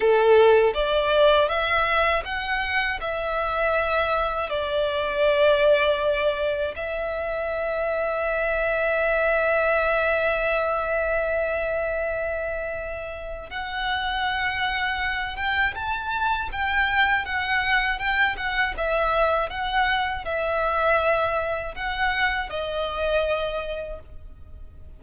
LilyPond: \new Staff \with { instrumentName = "violin" } { \time 4/4 \tempo 4 = 80 a'4 d''4 e''4 fis''4 | e''2 d''2~ | d''4 e''2.~ | e''1~ |
e''2 fis''2~ | fis''8 g''8 a''4 g''4 fis''4 | g''8 fis''8 e''4 fis''4 e''4~ | e''4 fis''4 dis''2 | }